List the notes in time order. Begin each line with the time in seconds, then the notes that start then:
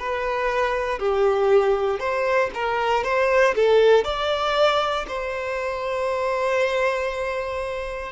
0.00 B4
0.99 G4
2.00 C5
2.55 A#4
3.04 C5
3.56 A4
4.04 D5
5.08 C5